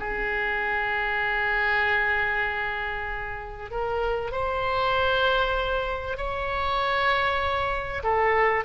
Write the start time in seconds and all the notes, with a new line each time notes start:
0.00 G#4
3.71 A#4
4.32 C5
6.18 C#5
8.04 A4